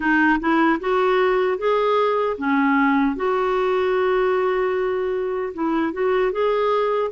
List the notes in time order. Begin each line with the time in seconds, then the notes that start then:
0.00 D#4
0.39 E4
0.80 F#4
1.58 G#4
2.37 C#4
3.16 F#4
5.54 E4
5.92 F#4
6.32 G#4